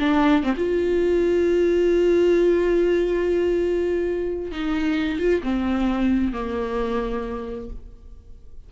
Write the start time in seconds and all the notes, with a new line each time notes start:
0.00 D4
0.44 C4
0.57 F4
4.52 D#4
5.20 F4
5.44 C4
6.33 A#3